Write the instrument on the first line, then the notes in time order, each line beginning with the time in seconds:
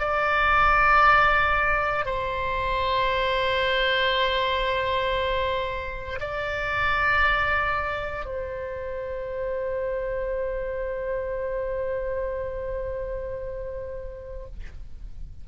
oboe
0.00 D5
2.06 C5
6.21 D5
8.26 C5